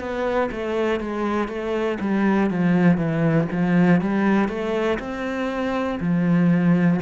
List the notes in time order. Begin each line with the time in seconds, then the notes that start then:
0.00 B3
0.52 A3
1.00 G#3
1.48 A3
2.00 G3
2.50 F3
2.98 E3
3.52 F3
4.01 G3
4.49 A3
5.00 C4
6.00 F3